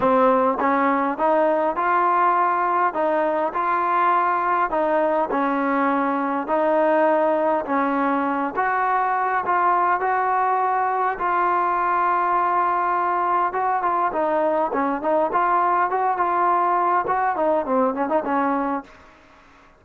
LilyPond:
\new Staff \with { instrumentName = "trombone" } { \time 4/4 \tempo 4 = 102 c'4 cis'4 dis'4 f'4~ | f'4 dis'4 f'2 | dis'4 cis'2 dis'4~ | dis'4 cis'4. fis'4. |
f'4 fis'2 f'4~ | f'2. fis'8 f'8 | dis'4 cis'8 dis'8 f'4 fis'8 f'8~ | f'4 fis'8 dis'8 c'8 cis'16 dis'16 cis'4 | }